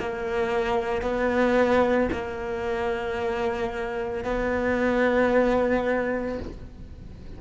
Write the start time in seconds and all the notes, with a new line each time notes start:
0.00 A#3
1.02 B3
2.12 A#3
4.25 B3